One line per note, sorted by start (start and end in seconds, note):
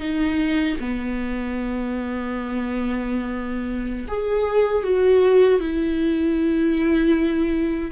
0.00 0.77 D#4
0.80 4.07 B3
4.08 4.84 G#4
4.84 5.60 F#4
5.60 7.91 E4